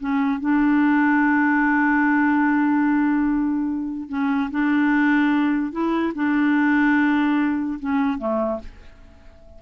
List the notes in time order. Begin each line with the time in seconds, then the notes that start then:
0.00 C#4
0.40 D4
4.09 C#4
4.51 D4
5.72 E4
6.15 D4
7.80 C#4
8.18 A3